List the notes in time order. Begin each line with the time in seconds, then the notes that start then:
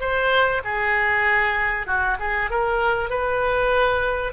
0.00 C5
0.64 G#4
1.86 F#4
2.19 G#4
2.50 A#4
3.10 B4